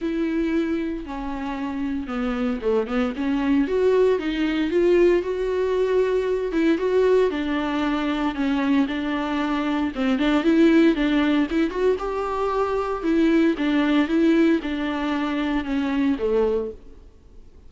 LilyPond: \new Staff \with { instrumentName = "viola" } { \time 4/4 \tempo 4 = 115 e'2 cis'2 | b4 a8 b8 cis'4 fis'4 | dis'4 f'4 fis'2~ | fis'8 e'8 fis'4 d'2 |
cis'4 d'2 c'8 d'8 | e'4 d'4 e'8 fis'8 g'4~ | g'4 e'4 d'4 e'4 | d'2 cis'4 a4 | }